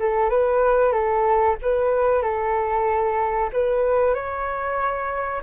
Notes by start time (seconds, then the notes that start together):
0.00 A4
0.30 B4
0.93 A4
1.63 B4
2.23 A4
3.53 B4
4.15 C#5